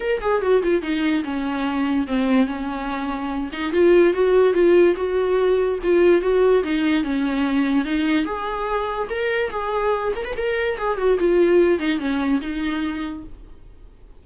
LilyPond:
\new Staff \with { instrumentName = "viola" } { \time 4/4 \tempo 4 = 145 ais'8 gis'8 fis'8 f'8 dis'4 cis'4~ | cis'4 c'4 cis'2~ | cis'8 dis'8 f'4 fis'4 f'4 | fis'2 f'4 fis'4 |
dis'4 cis'2 dis'4 | gis'2 ais'4 gis'4~ | gis'8 ais'16 b'16 ais'4 gis'8 fis'8 f'4~ | f'8 dis'8 cis'4 dis'2 | }